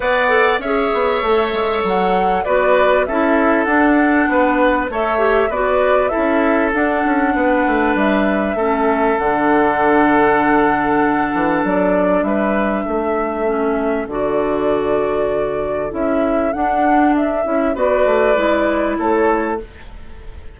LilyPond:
<<
  \new Staff \with { instrumentName = "flute" } { \time 4/4 \tempo 4 = 98 fis''4 e''2 fis''4 | d''4 e''4 fis''2 | e''4 d''4 e''4 fis''4~ | fis''4 e''2 fis''4~ |
fis''2. d''4 | e''2. d''4~ | d''2 e''4 fis''4 | e''4 d''2 cis''4 | }
  \new Staff \with { instrumentName = "oboe" } { \time 4/4 d''4 cis''2. | b'4 a'2 b'4 | cis''4 b'4 a'2 | b'2 a'2~ |
a'1 | b'4 a'2.~ | a'1~ | a'4 b'2 a'4 | }
  \new Staff \with { instrumentName = "clarinet" } { \time 4/4 b'8 a'8 gis'4 a'2 | fis'4 e'4 d'2 | a'8 g'8 fis'4 e'4 d'4~ | d'2 cis'4 d'4~ |
d'1~ | d'2 cis'4 fis'4~ | fis'2 e'4 d'4~ | d'8 e'8 fis'4 e'2 | }
  \new Staff \with { instrumentName = "bassoon" } { \time 4/4 b4 cis'8 b8 a8 gis8 fis4 | b4 cis'4 d'4 b4 | a4 b4 cis'4 d'8 cis'8 | b8 a8 g4 a4 d4~ |
d2~ d8 e8 fis4 | g4 a2 d4~ | d2 cis'4 d'4~ | d'8 cis'8 b8 a8 gis4 a4 | }
>>